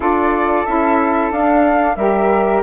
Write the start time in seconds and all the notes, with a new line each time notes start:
0.00 D4 F4 A4 D5
0.65 C#4 E4 E5
1.30 D4 F5
1.95 G3 G4 A#4 E5